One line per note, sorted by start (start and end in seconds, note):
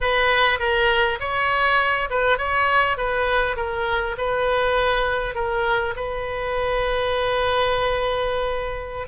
0.00 0.59 B4
0.59 1.18 A#4
1.20 2.09 C#5
2.10 2.38 B4
2.38 2.97 C#5
2.97 3.56 B4
3.56 4.16 A#4
4.17 5.35 B4
5.35 5.94 A#4
5.95 9.07 B4